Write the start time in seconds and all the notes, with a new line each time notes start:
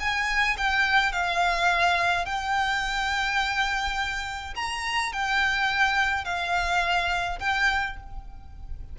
0.00 G#5
0.58 G5
1.13 F5
2.26 G5
4.56 A#5
5.13 G5
6.25 F5
7.40 G5